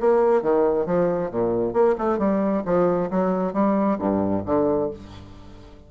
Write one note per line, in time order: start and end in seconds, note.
0.00 0.42 A#3
0.42 0.86 D#3
0.86 1.31 F3
1.31 1.73 A#2
1.73 1.95 A#3
1.98 2.18 A3
2.18 2.63 G3
2.65 3.10 F3
3.11 3.53 F#3
3.53 3.98 G3
3.99 4.43 G2
4.46 4.91 D3